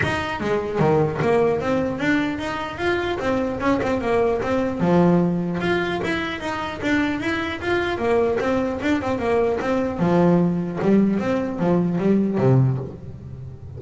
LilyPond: \new Staff \with { instrumentName = "double bass" } { \time 4/4 \tempo 4 = 150 dis'4 gis4 dis4 ais4 | c'4 d'4 dis'4 f'4 | c'4 cis'8 c'8 ais4 c'4 | f2 f'4 e'4 |
dis'4 d'4 e'4 f'4 | ais4 c'4 d'8 c'8 ais4 | c'4 f2 g4 | c'4 f4 g4 c4 | }